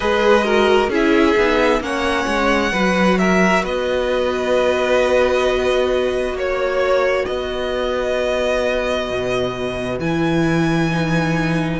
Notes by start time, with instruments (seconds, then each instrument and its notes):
0.00 cello G#3, viola G#4, violin B4 D#5
0.44 viola F#4, violin A#4
0.88 cello C#4, viola E4, violin G#4 E5
1.37 cello B3, viola D#4
1.80 cello A#3, viola C#4, violin C#5 F#5
2.26 cello G#3
2.72 cello F#3, viola F#4, violin B4
3.18 violin A#4 E5
3.63 cello B3, violin B4 D#5
6.33 cello A#3, violin C#5
7.25 cello B3, violin B4 D#5
9.10 cello B2
9.99 cello E3, viola E4, violin G#5
10.91 viola D#4